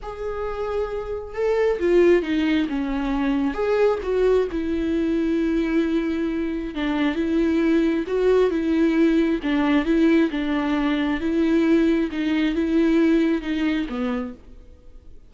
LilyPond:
\new Staff \with { instrumentName = "viola" } { \time 4/4 \tempo 4 = 134 gis'2. a'4 | f'4 dis'4 cis'2 | gis'4 fis'4 e'2~ | e'2. d'4 |
e'2 fis'4 e'4~ | e'4 d'4 e'4 d'4~ | d'4 e'2 dis'4 | e'2 dis'4 b4 | }